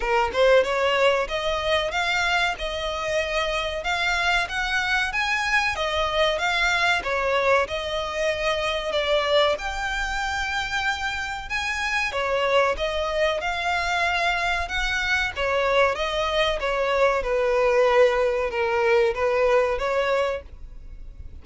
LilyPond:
\new Staff \with { instrumentName = "violin" } { \time 4/4 \tempo 4 = 94 ais'8 c''8 cis''4 dis''4 f''4 | dis''2 f''4 fis''4 | gis''4 dis''4 f''4 cis''4 | dis''2 d''4 g''4~ |
g''2 gis''4 cis''4 | dis''4 f''2 fis''4 | cis''4 dis''4 cis''4 b'4~ | b'4 ais'4 b'4 cis''4 | }